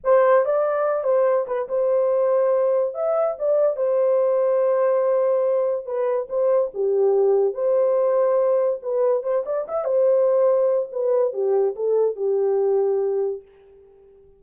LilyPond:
\new Staff \with { instrumentName = "horn" } { \time 4/4 \tempo 4 = 143 c''4 d''4. c''4 b'8 | c''2. e''4 | d''4 c''2.~ | c''2 b'4 c''4 |
g'2 c''2~ | c''4 b'4 c''8 d''8 e''8 c''8~ | c''2 b'4 g'4 | a'4 g'2. | }